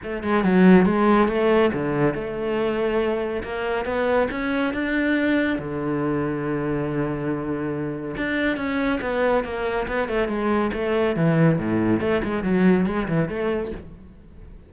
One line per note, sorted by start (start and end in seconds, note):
0.03 0.23 A3
0.23 0.44 G#3
0.44 0.85 F#3
0.85 1.28 G#3
1.28 1.71 A3
1.73 2.14 D3
2.14 3.43 A3
3.43 3.85 A#3
3.85 4.28 B3
4.31 4.73 C#4
4.73 5.58 D4
5.58 8.15 D3
8.16 8.57 D4
8.57 8.99 C#4
9.01 9.43 B3
9.43 9.86 A#3
9.87 10.08 B3
10.08 10.28 A3
10.28 10.71 G#3
10.73 11.15 A3
11.15 11.58 E3
11.58 12.00 A2
12.00 12.21 A3
12.24 12.43 G#3
12.43 12.86 F#3
12.86 13.07 G#3
13.08 13.28 E3
13.28 13.71 A3